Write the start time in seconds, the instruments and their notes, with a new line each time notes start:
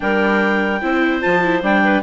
0.00 bassoon G3, viola D4, clarinet A#4 G5
0.81 bassoon C4, viola E4, clarinet C5
1.21 bassoon F3, viola F4, clarinet A5
1.42 viola E4
1.62 bassoon G3, viola D4, clarinet G5
1.83 clarinet B4